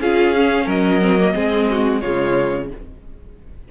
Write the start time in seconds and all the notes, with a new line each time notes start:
0.00 C#4 F4 G#4 F5
0.35 C#4
0.65 F#3 A#4 D#5
1.01 C4
1.18 A#3
1.34 G#3 C4 G#4
1.70 F#4
2.00 C#3 G#3 F4 C#5